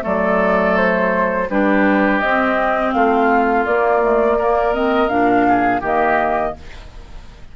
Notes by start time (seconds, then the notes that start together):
0.00 F#3 A3 A4 D5
0.76 C5
1.50 G3 D4 G4 B4
2.19 C4 D#5
2.92 A3 F4 F5
3.65 A#3 D5
4.02 A3
4.37 A#3 A#4
4.73 C4 D#5
5.08 A#2 D4 F5
5.48 G#4
5.80 D#3 A#3 G4 D#5